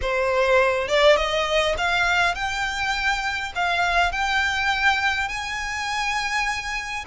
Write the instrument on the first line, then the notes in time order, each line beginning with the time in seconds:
violin
0.01 C5
0.88 D5
1.16 D#5
1.77 F5
2.34 G5
3.55 F5
4.11 G5
5.28 G#5